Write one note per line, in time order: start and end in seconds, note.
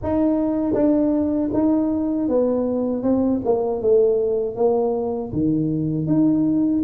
0.02 0.73 D#4
0.73 1.49 D4
1.53 2.28 D#4
2.28 3.02 B3
3.02 3.40 C4
3.44 3.81 A#3
3.81 4.55 A3
4.55 5.31 A#3
5.32 6.07 D#3
6.07 6.83 D#4